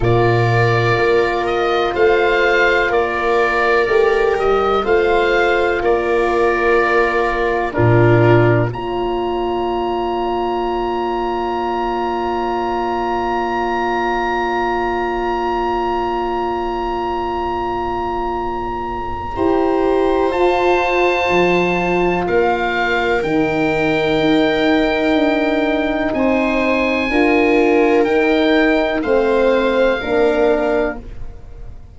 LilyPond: <<
  \new Staff \with { instrumentName = "oboe" } { \time 4/4 \tempo 4 = 62 d''4. dis''8 f''4 d''4~ | d''8 dis''8 f''4 d''2 | ais'4 ais''2.~ | ais''1~ |
ais''1~ | ais''4 a''2 f''4 | g''2. gis''4~ | gis''4 g''4 f''2 | }
  \new Staff \with { instrumentName = "viola" } { \time 4/4 ais'2 c''4 ais'4~ | ais'4 c''4 ais'2 | f'4 cis''2.~ | cis''1~ |
cis''1 | c''2. ais'4~ | ais'2. c''4 | ais'2 c''4 ais'4 | }
  \new Staff \with { instrumentName = "horn" } { \time 4/4 f'1 | g'4 f'2. | d'4 f'2.~ | f'1~ |
f'1 | g'4 f'2. | dis'1 | f'4 dis'4 c'4 d'4 | }
  \new Staff \with { instrumentName = "tuba" } { \time 4/4 ais,4 ais4 a4 ais4 | a8 g8 a4 ais2 | ais,4 ais2.~ | ais1~ |
ais1 | e'4 f'4 f4 ais4 | dis4 dis'4 d'4 c'4 | d'4 dis'4 a4 ais4 | }
>>